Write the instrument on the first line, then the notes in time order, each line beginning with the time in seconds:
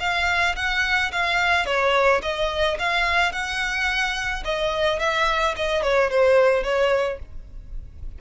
violin
0.00 F5
0.56 F#5
1.12 F5
1.66 C#5
2.22 D#5
2.79 F5
3.32 F#5
4.45 D#5
4.99 E5
5.56 D#5
5.82 C#5
6.10 C5
6.63 C#5